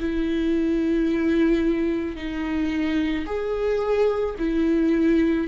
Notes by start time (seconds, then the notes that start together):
0.00 E4
2.16 D#4
3.26 G#4
4.39 E4